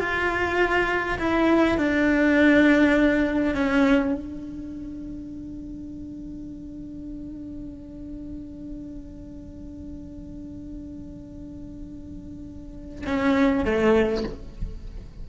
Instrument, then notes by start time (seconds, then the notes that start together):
cello
0.00 F4
1.19 E4
1.78 D4
3.55 C#4
4.14 D4
13.07 C#4
13.65 A3